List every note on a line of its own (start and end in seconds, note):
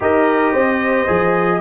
0.00 0.54 D#4
0.00 1.07 G4
0.00 0.52 A#4
0.00 1.61 D#5
0.52 1.07 C4
0.52 1.59 C5
1.07 1.61 F3
1.07 1.60 G#4